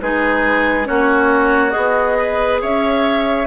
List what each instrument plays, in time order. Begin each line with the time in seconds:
0.00 bassoon G#3, clarinet D#4, oboe G#4, flute B4
0.84 bassoon A#3, clarinet C#4, oboe F#4, flute C#5
1.70 bassoon B3, clarinet G#4, flute D#5
2.18 oboe B4
2.61 bassoon C#4, oboe C#5, flute E5